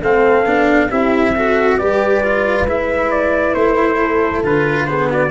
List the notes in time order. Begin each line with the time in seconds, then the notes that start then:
0.00 A3 C4 A4 F5
0.45 B3 D4
0.88 C4 E4 G4 E5
1.35 F#4 A4
1.77 G3 G4 B4 D5
2.23 F4
2.65 G#3 E4 E5
3.10 D5
3.54 A3 C5
3.98 A4
4.43 D3 F4 B4
4.85 B3 G#4 C5
5.09 F#4 D5